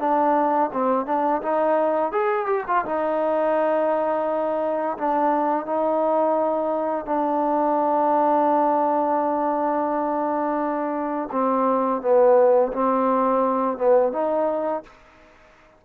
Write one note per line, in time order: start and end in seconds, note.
0.00 0.71 D4
0.73 1.07 C4
1.07 1.42 D4
1.42 2.12 D#4
2.12 2.46 G#4
2.46 2.64 G4
2.68 2.85 F4
2.86 4.97 D#4
4.98 5.66 D4
5.66 7.06 D#4
7.06 11.30 D4
11.32 12.02 C4
12.02 12.73 B3
12.73 13.78 C4
13.78 14.13 B3
14.13 14.84 D#4